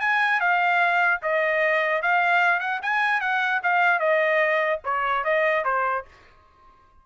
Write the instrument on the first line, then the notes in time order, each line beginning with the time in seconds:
trumpet
0.00 G#5
0.40 F5
1.22 D#5
2.02 F5
2.60 F#5
2.82 G#5
3.20 F#5
3.63 F5
3.99 D#5
4.84 C#5
5.24 D#5
5.64 C5